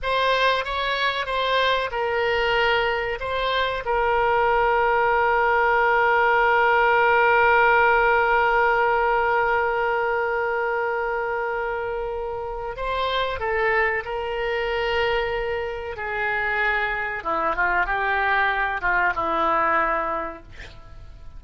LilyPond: \new Staff \with { instrumentName = "oboe" } { \time 4/4 \tempo 4 = 94 c''4 cis''4 c''4 ais'4~ | ais'4 c''4 ais'2~ | ais'1~ | ais'1~ |
ais'1 | c''4 a'4 ais'2~ | ais'4 gis'2 e'8 f'8 | g'4. f'8 e'2 | }